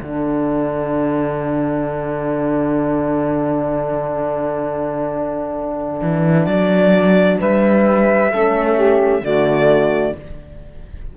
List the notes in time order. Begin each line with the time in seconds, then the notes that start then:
0.00 D3 D4 A4 F#5
6.02 E3
6.46 F#3 D5
7.39 G3 B4 E5
8.31 A3 C#4 A4
8.76 G4
9.22 D3 A3 F#4 D5